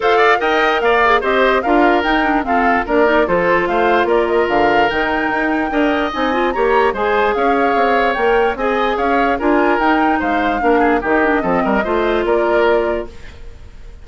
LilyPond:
<<
  \new Staff \with { instrumentName = "flute" } { \time 4/4 \tempo 4 = 147 f''4 g''4 f''4 dis''4 | f''4 g''4 f''4 d''4 | c''4 f''4 d''8 dis''8 f''4 | g''2. gis''4 |
ais''4 gis''4 f''2 | g''4 gis''4 f''4 gis''4 | g''4 f''2 dis''4~ | dis''2 d''2 | }
  \new Staff \with { instrumentName = "oboe" } { \time 4/4 c''8 d''8 dis''4 d''4 c''4 | ais'2 a'4 ais'4 | a'4 c''4 ais'2~ | ais'2 dis''2 |
cis''4 c''4 cis''2~ | cis''4 dis''4 cis''4 ais'4~ | ais'4 c''4 ais'8 gis'8 g'4 | a'8 ais'8 c''4 ais'2 | }
  \new Staff \with { instrumentName = "clarinet" } { \time 4/4 a'4 ais'4. gis'8 g'4 | f'4 dis'8 d'8 c'4 d'8 dis'8 | f'1 | dis'2 ais'4 dis'8 f'8 |
g'4 gis'2. | ais'4 gis'2 f'4 | dis'2 d'4 dis'8 d'8 | c'4 f'2. | }
  \new Staff \with { instrumentName = "bassoon" } { \time 4/4 f'4 dis'4 ais4 c'4 | d'4 dis'4 f'4 ais4 | f4 a4 ais4 d4 | dis4 dis'4 d'4 c'4 |
ais4 gis4 cis'4 c'4 | ais4 c'4 cis'4 d'4 | dis'4 gis4 ais4 dis4 | f8 g8 a4 ais2 | }
>>